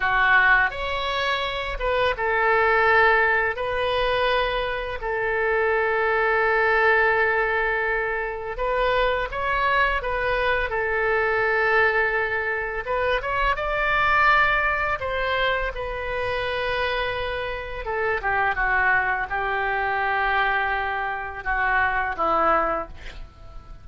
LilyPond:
\new Staff \with { instrumentName = "oboe" } { \time 4/4 \tempo 4 = 84 fis'4 cis''4. b'8 a'4~ | a'4 b'2 a'4~ | a'1 | b'4 cis''4 b'4 a'4~ |
a'2 b'8 cis''8 d''4~ | d''4 c''4 b'2~ | b'4 a'8 g'8 fis'4 g'4~ | g'2 fis'4 e'4 | }